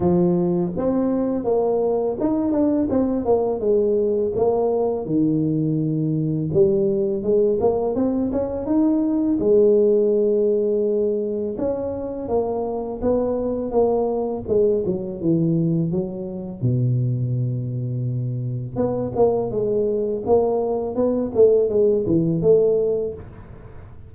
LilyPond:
\new Staff \with { instrumentName = "tuba" } { \time 4/4 \tempo 4 = 83 f4 c'4 ais4 dis'8 d'8 | c'8 ais8 gis4 ais4 dis4~ | dis4 g4 gis8 ais8 c'8 cis'8 | dis'4 gis2. |
cis'4 ais4 b4 ais4 | gis8 fis8 e4 fis4 b,4~ | b,2 b8 ais8 gis4 | ais4 b8 a8 gis8 e8 a4 | }